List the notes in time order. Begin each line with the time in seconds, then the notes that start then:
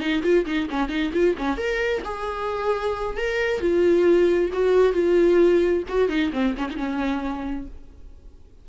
0.00 D#4
0.23 F4
0.46 D#4
0.70 C#4
0.89 D#4
1.13 F4
1.38 C#4
1.57 A#4
2.05 G#4
3.17 A#4
3.60 F4
4.53 F#4
4.93 F4
5.89 F#4
6.09 D#4
6.33 C4
6.58 C#4
6.70 D#4
6.77 C#4